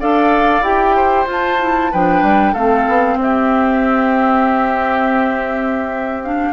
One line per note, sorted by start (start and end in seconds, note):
0.00 0.61 D4
0.00 0.64 A4
0.00 0.96 D5
0.00 0.64 F5
0.61 1.25 E4
0.61 1.27 G4
0.61 1.27 G5
0.96 1.92 C5
1.27 1.59 F4
1.27 1.91 F4
1.27 1.94 A5
1.60 1.92 E4
1.92 2.23 F3
1.92 2.56 D4
1.92 2.53 B4
1.92 2.55 G5
2.23 2.54 G3
2.53 2.86 A3
2.53 6.23 C4
2.53 3.17 A4
2.53 3.18 F5
2.88 3.16 B3
3.16 6.51 C4
3.16 6.23 E5
3.23 6.54 G4
6.23 6.54 D4
6.23 6.54 F5